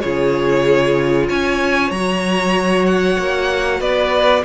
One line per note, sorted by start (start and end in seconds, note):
0.00 1.29 C#3
0.00 1.92 F4
0.00 1.28 G#4
0.00 1.26 C#5
1.28 1.91 C#4
1.28 3.79 C#5
1.28 1.90 G#5
1.90 3.17 F#3
1.90 4.44 F#4
1.90 2.85 A#5
2.86 3.80 F#5
3.18 3.80 A#3
3.79 4.43 B3
3.79 4.42 B4
3.79 4.44 D5